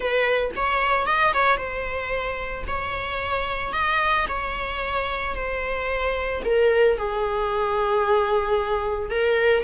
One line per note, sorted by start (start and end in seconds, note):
0.00 0.51 B4
0.56 1.06 C#5
1.06 1.33 D#5
1.33 1.57 C#5
1.57 2.64 C5
2.67 3.72 C#5
3.72 4.26 D#5
4.28 5.35 C#5
5.35 6.42 C5
6.44 6.97 A#4
6.97 9.10 G#4
9.10 9.63 A#4